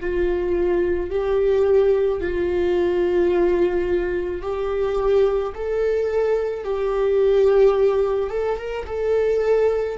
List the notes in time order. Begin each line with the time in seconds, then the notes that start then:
0.00 F4
1.10 G4
2.20 F4
4.42 G4
5.55 A4
6.64 G4
8.30 A4
8.58 A#4
8.86 A4